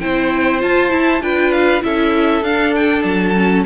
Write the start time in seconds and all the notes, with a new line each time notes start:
0.00 C4 E4 C5 G5
0.60 F4 A5
0.90 E4
1.21 D4 F4 B4 G5
1.52 F5
1.82 C#4 E4 A4 E5
2.42 D4 F5
2.76 G5
3.03 F#3 A5
3.35 C#4